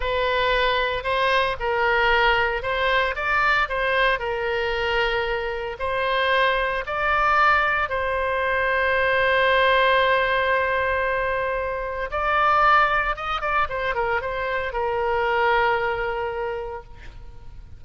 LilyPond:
\new Staff \with { instrumentName = "oboe" } { \time 4/4 \tempo 4 = 114 b'2 c''4 ais'4~ | ais'4 c''4 d''4 c''4 | ais'2. c''4~ | c''4 d''2 c''4~ |
c''1~ | c''2. d''4~ | d''4 dis''8 d''8 c''8 ais'8 c''4 | ais'1 | }